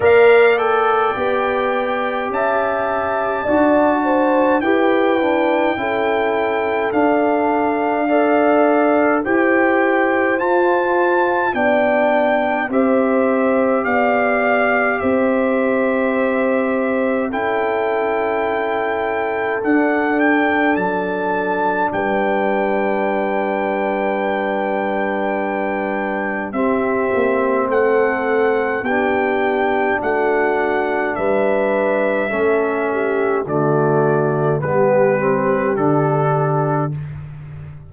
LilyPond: <<
  \new Staff \with { instrumentName = "trumpet" } { \time 4/4 \tempo 4 = 52 f''8 g''4. a''2 | g''2 f''2 | g''4 a''4 g''4 e''4 | f''4 e''2 g''4~ |
g''4 fis''8 g''8 a''4 g''4~ | g''2. e''4 | fis''4 g''4 fis''4 e''4~ | e''4 d''4 b'4 a'4 | }
  \new Staff \with { instrumentName = "horn" } { \time 4/4 d''2 e''4 d''8 c''8 | b'4 a'2 d''4 | c''2 d''4 c''4 | d''4 c''2 a'4~ |
a'2. b'4~ | b'2. g'4 | a'4 g'4 fis'4 b'4 | a'8 g'8 fis'4 g'2 | }
  \new Staff \with { instrumentName = "trombone" } { \time 4/4 ais'8 a'8 g'2 fis'4 | g'8 d'8 e'4 d'4 a'4 | g'4 f'4 d'4 g'4~ | g'2. e'4~ |
e'4 d'2.~ | d'2. c'4~ | c'4 d'2. | cis'4 a4 b8 c'8 d'4 | }
  \new Staff \with { instrumentName = "tuba" } { \time 4/4 ais4 b4 cis'4 d'4 | e'4 cis'4 d'2 | e'4 f'4 b4 c'4 | b4 c'2 cis'4~ |
cis'4 d'4 fis4 g4~ | g2. c'8 ais8 | a4 b4 a4 g4 | a4 d4 g4 d4 | }
>>